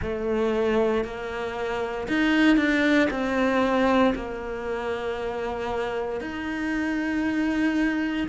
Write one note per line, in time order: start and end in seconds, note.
0.02 1.04 A3
1.04 2.07 A#3
2.07 2.56 D#4
2.56 3.08 D4
3.10 4.13 C4
4.15 6.20 A#3
6.20 8.27 D#4